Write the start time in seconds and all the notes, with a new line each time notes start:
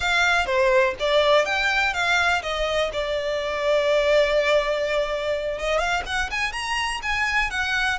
0.00 F5
0.46 C5
0.99 D5
1.45 G5
1.93 F5
2.42 D#5
2.92 D5
5.58 D#5
5.78 F5
6.05 F#5
6.31 G#5
6.52 A#5
7.02 G#5
7.50 F#5